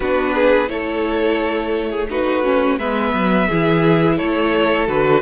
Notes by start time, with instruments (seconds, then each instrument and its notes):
0.00 cello B3, viola D4, violin F#4 B4
0.34 violin G#4
0.67 cello A3, viola E4, violin A4 C#5
1.90 violin G#4
2.09 viola D#4, violin F#4 B4
2.43 viola C#4
2.77 cello G#3, viola B3, violin B4 E5
3.13 cello F#3
3.48 cello E3, viola E4, violin G#4
4.16 cello A3, violin A4 C#5
4.87 cello D3, viola F#4, violin B4